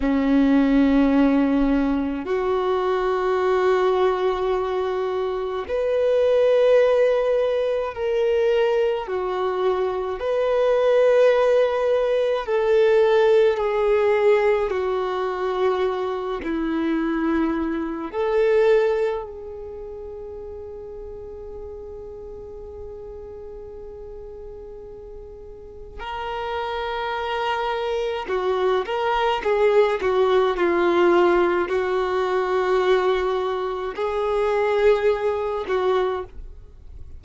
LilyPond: \new Staff \with { instrumentName = "violin" } { \time 4/4 \tempo 4 = 53 cis'2 fis'2~ | fis'4 b'2 ais'4 | fis'4 b'2 a'4 | gis'4 fis'4. e'4. |
a'4 gis'2.~ | gis'2. ais'4~ | ais'4 fis'8 ais'8 gis'8 fis'8 f'4 | fis'2 gis'4. fis'8 | }